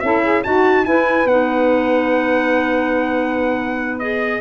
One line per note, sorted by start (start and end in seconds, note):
0.00 0.44 C#4
0.00 0.44 E4
0.00 0.23 A4
0.00 0.42 E5
0.23 0.44 G#4
0.43 0.86 D#4
0.43 0.85 F#4
0.43 0.87 F#4
0.43 0.85 A5
0.85 1.27 E4
0.85 1.25 E4
0.85 4.41 B4
0.85 1.27 G#5
1.25 4.39 B3
1.25 4.01 D#4
1.25 3.99 F#5
3.99 4.41 G#4
3.99 4.41 D#5